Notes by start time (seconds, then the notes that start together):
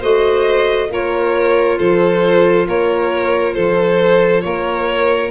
0.00 A3 F#4 C5 D#5
0.89 A#3 F4 A#4 C#5
1.78 F3 A4 C5
2.68 A#3 A#4 C#5
3.54 F3 A4 C5
4.42 A#3 A#4 C#5